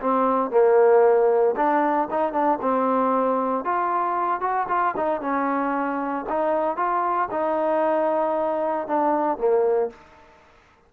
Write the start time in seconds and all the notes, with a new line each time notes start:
0.00 C4
0.50 A#3
1.56 D4
2.10 D#4
2.32 D4
2.61 C4
3.64 F4
4.40 F#4
4.68 F4
4.96 D#4
5.21 C#4
6.28 D#4
6.76 F4
7.31 D#4
8.87 D4
9.37 A#3